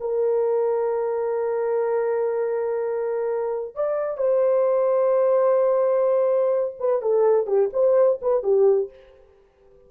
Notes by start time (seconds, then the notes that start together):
0.00 A#4
3.75 D5
4.17 C5
6.79 B4
7.01 A4
7.46 G4
7.73 C5
8.21 B4
8.43 G4